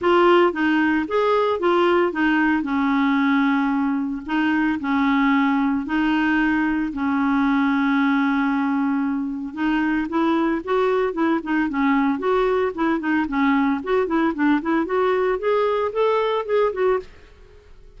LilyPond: \new Staff \with { instrumentName = "clarinet" } { \time 4/4 \tempo 4 = 113 f'4 dis'4 gis'4 f'4 | dis'4 cis'2. | dis'4 cis'2 dis'4~ | dis'4 cis'2.~ |
cis'2 dis'4 e'4 | fis'4 e'8 dis'8 cis'4 fis'4 | e'8 dis'8 cis'4 fis'8 e'8 d'8 e'8 | fis'4 gis'4 a'4 gis'8 fis'8 | }